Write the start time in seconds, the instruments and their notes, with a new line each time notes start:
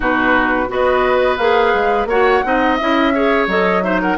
0.00 bassoon B2, clarinet D#4, oboe F#4, flute B4
0.68 bassoon B3, clarinet F#4, oboe B4, flute D#5
1.37 bassoon A#3, clarinet G#4, flute F5
1.73 bassoon G#3
2.05 bassoon A#3, clarinet F#4, oboe C#5, flute F#5
2.43 bassoon C4, clarinet D#4, oboe D#5
2.76 bassoon C#4, clarinet E4, flute E5
3.14 clarinet G#4, oboe C#5
3.47 bassoon F#3, clarinet A4, flute D#5
3.82 clarinet D#4, oboe C5, flute E5
4.01 oboe A#4, flute F#5